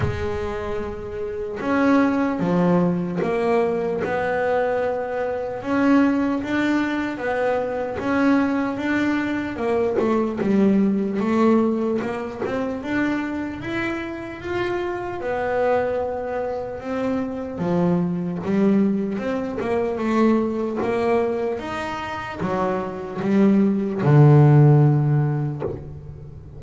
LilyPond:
\new Staff \with { instrumentName = "double bass" } { \time 4/4 \tempo 4 = 75 gis2 cis'4 f4 | ais4 b2 cis'4 | d'4 b4 cis'4 d'4 | ais8 a8 g4 a4 ais8 c'8 |
d'4 e'4 f'4 b4~ | b4 c'4 f4 g4 | c'8 ais8 a4 ais4 dis'4 | fis4 g4 d2 | }